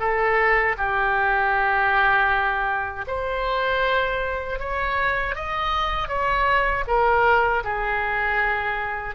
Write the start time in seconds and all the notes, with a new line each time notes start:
0.00 A4
0.78 G4
3.08 C5
4.59 C#5
5.35 D#5
6.08 C#5
6.88 A#4
7.64 G#4